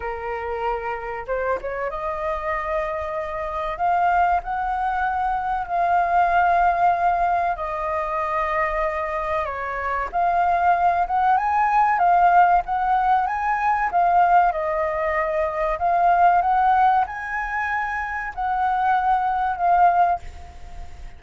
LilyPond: \new Staff \with { instrumentName = "flute" } { \time 4/4 \tempo 4 = 95 ais'2 c''8 cis''8 dis''4~ | dis''2 f''4 fis''4~ | fis''4 f''2. | dis''2. cis''4 |
f''4. fis''8 gis''4 f''4 | fis''4 gis''4 f''4 dis''4~ | dis''4 f''4 fis''4 gis''4~ | gis''4 fis''2 f''4 | }